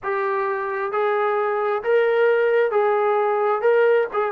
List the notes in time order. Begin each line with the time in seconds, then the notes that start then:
0.03 G4
0.92 G#4
1.83 A#4
2.71 G#4
3.61 A#4
4.13 G#4